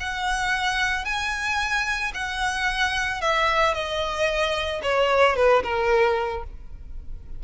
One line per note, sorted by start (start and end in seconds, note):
0.00 1.05 F#5
1.05 2.12 G#5
2.14 3.21 F#5
3.21 3.74 E5
3.74 4.81 D#5
4.83 5.36 C#5
5.36 5.63 B4
5.63 6.44 A#4